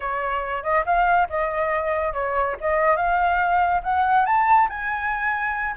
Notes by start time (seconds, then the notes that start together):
0.00 C#5
0.63 D#5
0.85 F5
1.29 D#5
2.13 C#5
2.60 D#5
2.96 F5
3.83 F#5
4.25 A5
4.69 G#5